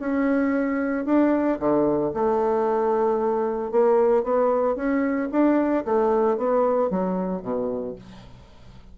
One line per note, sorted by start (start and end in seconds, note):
0.00 1.06 C#4
1.06 1.59 D4
1.60 2.13 D3
2.14 3.71 A3
3.71 4.24 A#3
4.24 4.76 B3
4.76 5.29 C#4
5.32 5.85 D4
5.85 6.37 A3
6.37 6.91 B3
6.91 7.42 F#3
7.42 7.95 B2